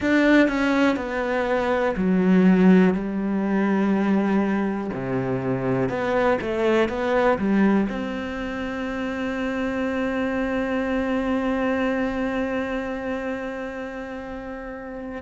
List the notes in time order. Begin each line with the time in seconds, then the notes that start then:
0.00 D4
0.48 C#4
0.96 B3
1.96 F#3
2.93 G3
4.93 C3
5.89 B3
6.41 A3
6.89 B3
7.38 G3
7.89 C4